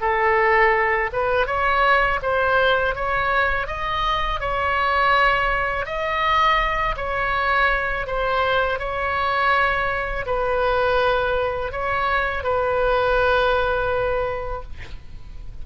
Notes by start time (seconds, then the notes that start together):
0.00 A4
1.12 B4
1.46 C#5
2.22 C5
2.95 C#5
3.67 D#5
4.40 C#5
5.85 D#5
6.96 C#5
8.06 C5
8.78 C#5
10.26 B4
11.71 C#5
12.43 B4